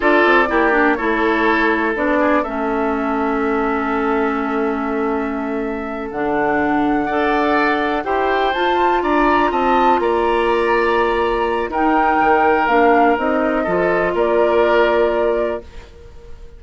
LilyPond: <<
  \new Staff \with { instrumentName = "flute" } { \time 4/4 \tempo 4 = 123 d''2 cis''2 | d''4 e''2.~ | e''1~ | e''8 fis''2.~ fis''8~ |
fis''8 g''4 a''4 ais''4 a''8~ | a''8 ais''2.~ ais''8 | g''2 f''4 dis''4~ | dis''4 d''2. | }
  \new Staff \with { instrumentName = "oboe" } { \time 4/4 a'4 g'4 a'2~ | a'8 gis'8 a'2.~ | a'1~ | a'2~ a'8 d''4.~ |
d''8 c''2 d''4 dis''8~ | dis''8 d''2.~ d''8 | ais'1 | a'4 ais'2. | }
  \new Staff \with { instrumentName = "clarinet" } { \time 4/4 f'4 e'8 d'8 e'2 | d'4 cis'2.~ | cis'1~ | cis'8 d'2 a'4.~ |
a'8 g'4 f'2~ f'8~ | f'1 | dis'2 d'4 dis'4 | f'1 | }
  \new Staff \with { instrumentName = "bassoon" } { \time 4/4 d'8 c'8 ais4 a2 | b4 a2.~ | a1~ | a8 d2 d'4.~ |
d'8 e'4 f'4 d'4 c'8~ | c'8 ais2.~ ais8 | dis'4 dis4 ais4 c'4 | f4 ais2. | }
>>